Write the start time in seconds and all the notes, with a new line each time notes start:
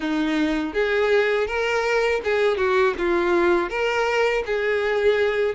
0.00 D#4
0.73 G#4
1.46 A#4
2.24 G#4
2.57 F#4
2.98 F4
3.69 A#4
4.45 G#4